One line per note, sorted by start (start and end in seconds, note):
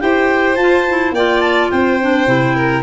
0.00 0.56 E4
0.00 0.57 G4
0.00 1.14 C5
0.00 0.56 G5
0.56 1.11 F4
0.56 0.88 F4
0.56 1.12 A5
0.88 1.16 E4
1.11 1.68 A#3
1.11 2.01 F4
1.11 1.71 D5
1.11 1.40 G5
1.40 1.69 A5
1.70 2.27 C4
1.70 2.55 C5
1.70 2.82 G5
2.01 2.26 D4
2.26 2.82 C3
2.26 2.82 E4
2.55 2.82 A#4